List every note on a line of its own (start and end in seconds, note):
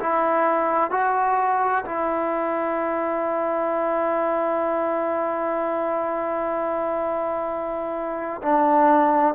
0.00 0.91 E4
0.91 1.85 F#4
1.86 8.42 E4
8.43 9.35 D4